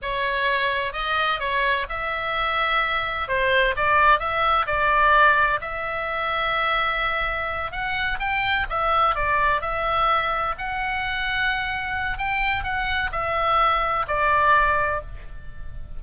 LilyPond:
\new Staff \with { instrumentName = "oboe" } { \time 4/4 \tempo 4 = 128 cis''2 dis''4 cis''4 | e''2. c''4 | d''4 e''4 d''2 | e''1~ |
e''8 fis''4 g''4 e''4 d''8~ | d''8 e''2 fis''4.~ | fis''2 g''4 fis''4 | e''2 d''2 | }